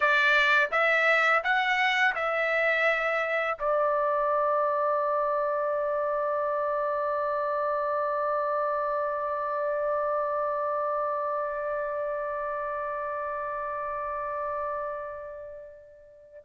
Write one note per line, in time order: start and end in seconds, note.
0.00 0.69 D5
0.71 1.43 E5
1.43 2.14 F#5
2.15 3.57 E5
3.58 16.44 D5